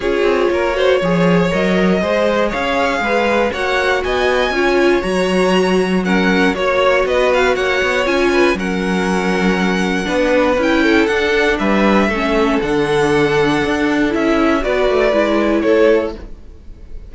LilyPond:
<<
  \new Staff \with { instrumentName = "violin" } { \time 4/4 \tempo 4 = 119 cis''2. dis''4~ | dis''4 f''2 fis''4 | gis''2 ais''2 | fis''4 cis''4 dis''8 f''8 fis''4 |
gis''4 fis''2.~ | fis''4 g''4 fis''4 e''4~ | e''4 fis''2. | e''4 d''2 cis''4 | }
  \new Staff \with { instrumentName = "violin" } { \time 4/4 gis'4 ais'8 c''8 cis''2 | c''4 cis''4 b'4 cis''4 | dis''4 cis''2. | ais'4 cis''4 b'4 cis''4~ |
cis''8 b'8 ais'2. | b'4. a'4. b'4 | a'1~ | a'4 b'2 a'4 | }
  \new Staff \with { instrumentName = "viola" } { \time 4/4 f'4. fis'8 gis'4 ais'4 | gis'2. fis'4~ | fis'4 f'4 fis'2 | cis'4 fis'2. |
f'4 cis'2. | d'4 e'4 d'2 | cis'4 d'2. | e'4 fis'4 e'2 | }
  \new Staff \with { instrumentName = "cello" } { \time 4/4 cis'8 c'8 ais4 f4 fis4 | gis4 cis'4 gis4 ais4 | b4 cis'4 fis2~ | fis4 ais4 b4 ais8 b8 |
cis'4 fis2. | b4 cis'4 d'4 g4 | a4 d2 d'4 | cis'4 b8 a8 gis4 a4 | }
>>